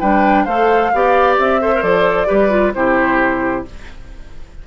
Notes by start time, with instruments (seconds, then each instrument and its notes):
0.00 bassoon G3, clarinet D4, oboe B4, flute G5
0.45 bassoon A3, clarinet A4, oboe C5, flute F5
0.94 bassoon B3, clarinet G4, oboe D5
1.38 bassoon C4, flute E5
1.61 clarinet A4, oboe C5
1.74 clarinet A#4
1.82 bassoon F3, clarinet A4, flute D5
2.27 bassoon G3, clarinet G4, oboe B4
2.50 clarinet F4
2.74 bassoon C3, clarinet E4, oboe G4, flute C5